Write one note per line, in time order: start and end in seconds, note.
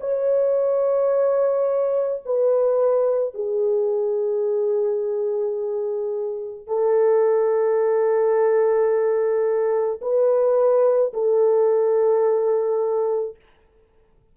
0.00 2.22 C#5
2.25 3.34 B4
3.34 6.67 G#4
6.67 10.00 A4
10.02 11.13 B4
11.13 13.35 A4